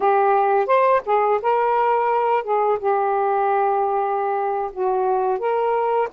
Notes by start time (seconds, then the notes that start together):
0.00 G4
0.66 C5
1.05 G#4
1.41 A#4
2.43 G#4
2.79 G4
4.72 F#4
5.38 A#4